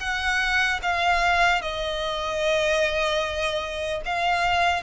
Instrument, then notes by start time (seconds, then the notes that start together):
violin
0.00 F#5
0.83 F5
1.62 D#5
4.05 F5